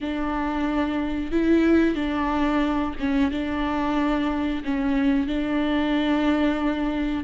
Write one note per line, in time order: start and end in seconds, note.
0.00 1.31 D4
1.31 1.95 E4
1.95 2.94 D4
2.99 3.31 C#4
3.31 4.63 D4
4.64 5.27 C#4
5.27 7.24 D4